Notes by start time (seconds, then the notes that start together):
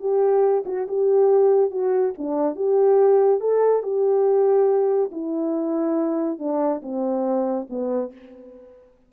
0.00 G4
0.66 F#4
0.88 G4
1.71 F#4
2.18 D4
2.56 G4
3.40 A4
3.83 G4
5.12 E4
6.39 D4
6.82 C4
7.70 B3